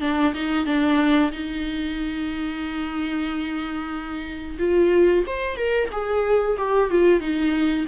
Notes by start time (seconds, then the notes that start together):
0.00 D4
0.34 D#4
0.66 D4
1.31 D#4
4.59 F4
5.26 C5
5.56 A#4
5.91 G#4
6.58 G4
6.90 F4
7.20 D#4